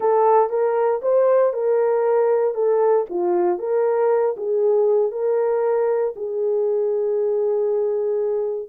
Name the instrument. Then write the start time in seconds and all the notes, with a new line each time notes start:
horn
0.00 A4
0.49 A#4
1.01 C5
1.53 A#4
2.54 A4
3.09 F4
3.59 A#4
4.37 G#4
5.11 A#4
6.16 G#4